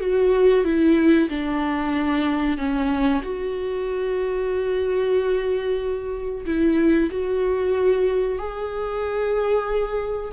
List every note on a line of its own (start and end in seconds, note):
0.00 0.64 F#4
0.64 1.29 E4
1.29 2.57 D4
2.57 3.22 C#4
3.23 6.45 F#4
6.45 7.10 E4
7.11 8.38 F#4
8.38 10.32 G#4